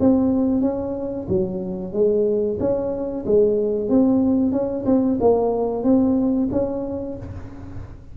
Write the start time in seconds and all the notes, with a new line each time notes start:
0.00 C4
0.61 C#4
1.28 F#3
1.93 G#3
2.59 C#4
3.25 G#3
3.89 C4
4.52 C#4
4.86 C4
5.20 A#3
5.83 C4
6.52 C#4